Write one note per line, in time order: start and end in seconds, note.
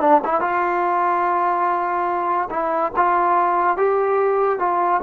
0.00 0.21 D4
0.25 0.41 E4
0.41 2.49 F4
2.50 2.92 E4
2.96 3.77 F4
3.77 4.59 G4
4.59 5.01 F4